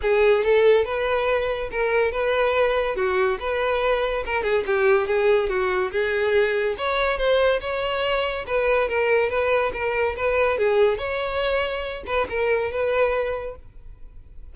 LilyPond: \new Staff \with { instrumentName = "violin" } { \time 4/4 \tempo 4 = 142 gis'4 a'4 b'2 | ais'4 b'2 fis'4 | b'2 ais'8 gis'8 g'4 | gis'4 fis'4 gis'2 |
cis''4 c''4 cis''2 | b'4 ais'4 b'4 ais'4 | b'4 gis'4 cis''2~ | cis''8 b'8 ais'4 b'2 | }